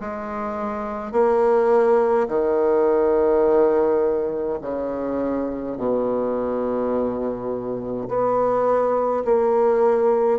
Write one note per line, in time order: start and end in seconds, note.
0.00 1.12 G#3
1.12 2.27 A#3
2.28 4.58 D#3
4.62 5.77 C#3
5.77 8.08 B2
8.08 9.24 B3
9.25 10.39 A#3